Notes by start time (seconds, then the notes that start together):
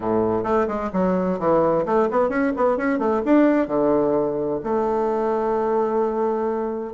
0.00 A2
0.43 A3
0.67 G#3
0.93 F#3
1.39 E3
1.85 A3
2.11 B3
2.29 C#4
2.56 B3
2.77 C#4
2.98 A3
3.25 D4
3.67 D3
4.63 A3